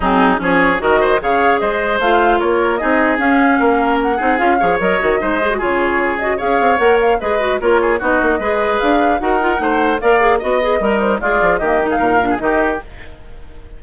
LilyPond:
<<
  \new Staff \with { instrumentName = "flute" } { \time 4/4 \tempo 4 = 150 gis'4 cis''4 dis''4 f''4 | dis''4 f''4 cis''4 dis''4 | f''2 fis''4 f''4 | dis''2 cis''4. dis''8 |
f''4 fis''8 f''8 dis''4 cis''4 | dis''2 f''4 fis''4~ | fis''4 f''4 dis''4. c''8 | d''4 dis''8. f''4~ f''16 dis''4 | }
  \new Staff \with { instrumentName = "oboe" } { \time 4/4 dis'4 gis'4 ais'8 c''8 cis''4 | c''2 ais'4 gis'4~ | gis'4 ais'4. gis'4 cis''8~ | cis''4 c''4 gis'2 |
cis''2 b'4 ais'8 gis'8 | fis'4 b'2 ais'4 | c''4 d''4 dis''4 dis'4 | f'4 g'8. gis'16 ais'8. gis'16 g'4 | }
  \new Staff \with { instrumentName = "clarinet" } { \time 4/4 c'4 cis'4 fis'4 gis'4~ | gis'4 f'2 dis'4 | cis'2~ cis'8 dis'8 f'8 gis'8 | ais'8 fis'8 dis'8 gis'16 fis'16 f'4. fis'8 |
gis'4 ais'4 gis'8 fis'8 f'4 | dis'4 gis'2 fis'8 f'8 | dis'4 ais'8 gis'8 fis'8 gis'8 ais'4 | gis'4 ais8 dis'4 d'8 dis'4 | }
  \new Staff \with { instrumentName = "bassoon" } { \time 4/4 fis4 f4 dis4 cis4 | gis4 a4 ais4 c'4 | cis'4 ais4. c'8 cis'8 f8 | fis8 dis8 gis4 cis2 |
cis'8 c'8 ais4 gis4 ais4 | b8 ais8 gis4 d'4 dis'4 | a4 ais4 b4 g4 | gis8 f8 dis4 ais,4 dis4 | }
>>